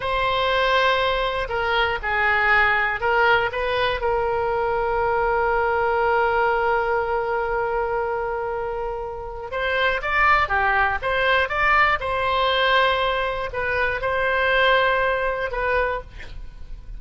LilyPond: \new Staff \with { instrumentName = "oboe" } { \time 4/4 \tempo 4 = 120 c''2. ais'4 | gis'2 ais'4 b'4 | ais'1~ | ais'1~ |
ais'2. c''4 | d''4 g'4 c''4 d''4 | c''2. b'4 | c''2. b'4 | }